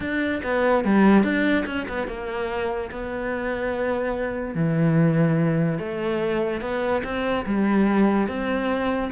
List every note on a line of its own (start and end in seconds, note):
0.00 0.41 D4
0.43 0.84 B3
0.84 1.23 G3
1.23 1.64 D4
1.66 1.86 C#4
1.88 2.07 B3
2.07 2.90 A#3
2.91 4.54 B3
4.54 5.78 E3
5.78 6.61 A3
6.61 7.02 B3
7.03 7.45 C4
7.46 8.28 G3
8.28 9.11 C4